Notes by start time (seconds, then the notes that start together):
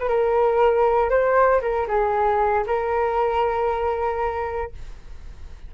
0.00 B4
0.09 A#4
1.10 C5
1.62 A#4
1.88 G#4
2.67 A#4